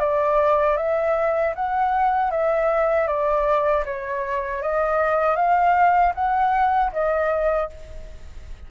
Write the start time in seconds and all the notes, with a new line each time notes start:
0.00 D5
0.77 E5
1.55 F#5
2.31 E5
3.08 D5
3.86 C#5
4.62 D#5
5.36 F5
6.15 F#5
6.93 D#5